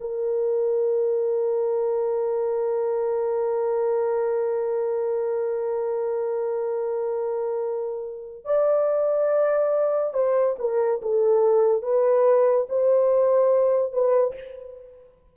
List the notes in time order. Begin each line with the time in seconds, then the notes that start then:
0.00 A#4
8.44 D5
10.13 C5
10.58 A#4
11.02 A4
11.82 B4
12.69 C5
13.92 B4